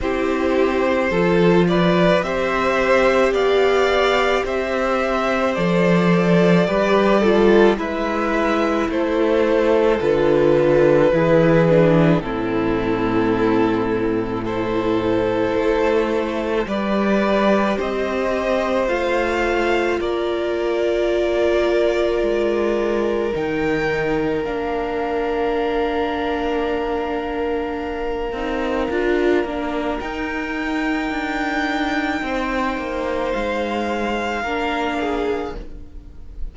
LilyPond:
<<
  \new Staff \with { instrumentName = "violin" } { \time 4/4 \tempo 4 = 54 c''4. d''8 e''4 f''4 | e''4 d''2 e''4 | c''4 b'2 a'4~ | a'4 c''2 d''4 |
dis''4 f''4 d''2~ | d''4 g''4 f''2~ | f''2. g''4~ | g''2 f''2 | }
  \new Staff \with { instrumentName = "violin" } { \time 4/4 g'4 a'8 b'8 c''4 d''4 | c''2 b'8 a'8 b'4 | a'2 gis'4 e'4~ | e'4 a'2 b'4 |
c''2 ais'2~ | ais'1~ | ais'1~ | ais'4 c''2 ais'8 gis'8 | }
  \new Staff \with { instrumentName = "viola" } { \time 4/4 e'4 f'4 g'2~ | g'4 a'4 g'8 f'8 e'4~ | e'4 f'4 e'8 d'8 c'4~ | c'4 e'2 g'4~ |
g'4 f'2.~ | f'4 dis'4 d'2~ | d'4. dis'8 f'8 d'8 dis'4~ | dis'2. d'4 | }
  \new Staff \with { instrumentName = "cello" } { \time 4/4 c'4 f4 c'4 b4 | c'4 f4 g4 gis4 | a4 d4 e4 a,4~ | a,2 a4 g4 |
c'4 a4 ais2 | gis4 dis4 ais2~ | ais4. c'8 d'8 ais8 dis'4 | d'4 c'8 ais8 gis4 ais4 | }
>>